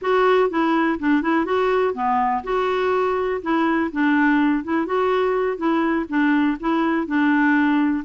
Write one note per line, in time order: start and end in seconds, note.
0.01 0.49 F#4
0.49 0.98 E4
0.99 1.22 D4
1.22 1.45 E4
1.45 1.94 F#4
1.94 2.42 B3
2.43 3.41 F#4
3.41 3.90 E4
3.92 4.63 D4
4.63 4.86 E4
4.86 5.57 F#4
5.57 6.05 E4
6.08 6.57 D4
6.60 7.06 E4
7.06 8.04 D4